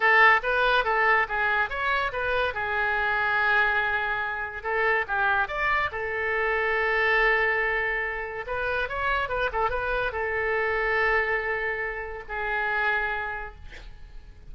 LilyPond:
\new Staff \with { instrumentName = "oboe" } { \time 4/4 \tempo 4 = 142 a'4 b'4 a'4 gis'4 | cis''4 b'4 gis'2~ | gis'2. a'4 | g'4 d''4 a'2~ |
a'1 | b'4 cis''4 b'8 a'8 b'4 | a'1~ | a'4 gis'2. | }